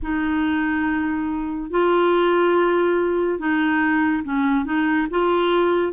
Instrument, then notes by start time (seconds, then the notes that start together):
clarinet
0.02 D#4
1.70 F4
3.38 D#4
4.24 C#4
4.65 D#4
5.10 F4